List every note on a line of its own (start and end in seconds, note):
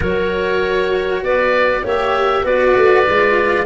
0.00 1.22 F#3
0.00 1.82 F#4
0.00 1.22 A#4
0.00 1.23 C#5
1.22 1.83 B3
1.22 1.83 B4
1.22 1.85 D5
1.83 2.44 A#3
1.83 2.44 G4
1.83 2.44 C#5
1.83 2.46 E5
2.44 2.75 B3
2.44 3.05 F#4
2.44 3.65 B4
2.44 3.65 D5
2.75 3.06 A3
3.06 3.65 G#3
3.06 3.65 F4